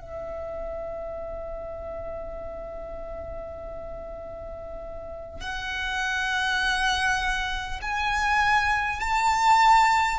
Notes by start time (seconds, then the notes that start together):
0.00 E5
5.40 F#5
7.81 G#5
9.00 A5